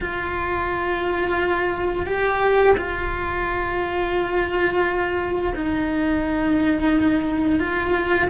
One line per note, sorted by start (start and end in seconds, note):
0.01 2.06 F4
2.06 2.75 G4
2.77 5.53 F4
5.55 7.59 D#4
7.59 8.28 F4